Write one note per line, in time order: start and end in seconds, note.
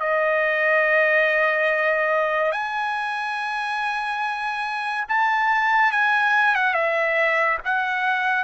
0.00 2.52 D#5
2.52 5.06 G#5
5.09 5.92 A5
5.92 6.55 G#5
6.55 6.74 F#5
6.74 7.59 E5
7.65 8.44 F#5